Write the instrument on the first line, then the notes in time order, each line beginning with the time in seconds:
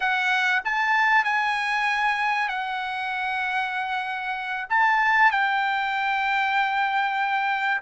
trumpet
0.00 F#5
0.64 A5
1.24 G#5
2.48 F#5
4.69 A5
5.31 G5